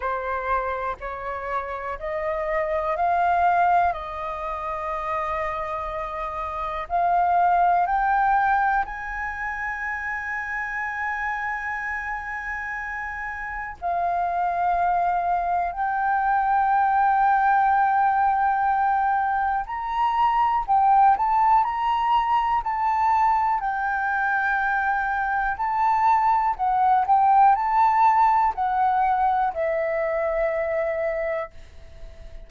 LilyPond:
\new Staff \with { instrumentName = "flute" } { \time 4/4 \tempo 4 = 61 c''4 cis''4 dis''4 f''4 | dis''2. f''4 | g''4 gis''2.~ | gis''2 f''2 |
g''1 | ais''4 g''8 a''8 ais''4 a''4 | g''2 a''4 fis''8 g''8 | a''4 fis''4 e''2 | }